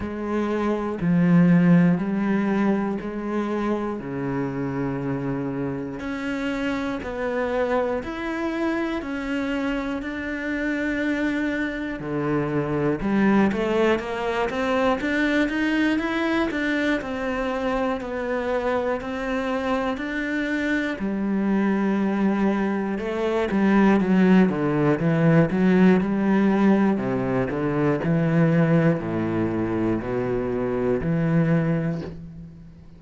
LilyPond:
\new Staff \with { instrumentName = "cello" } { \time 4/4 \tempo 4 = 60 gis4 f4 g4 gis4 | cis2 cis'4 b4 | e'4 cis'4 d'2 | d4 g8 a8 ais8 c'8 d'8 dis'8 |
e'8 d'8 c'4 b4 c'4 | d'4 g2 a8 g8 | fis8 d8 e8 fis8 g4 c8 d8 | e4 a,4 b,4 e4 | }